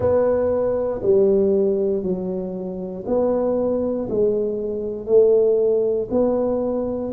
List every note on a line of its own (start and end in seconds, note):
0.00 1.01 B3
1.02 2.02 G3
2.02 3.04 F#3
3.06 4.08 B3
4.09 5.06 G#3
5.06 6.08 A3
6.10 7.12 B3